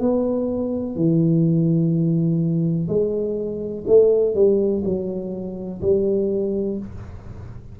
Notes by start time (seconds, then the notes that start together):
0.00 B3
0.96 E3
2.88 G#3
3.87 A3
4.35 G3
4.85 F#3
5.82 G3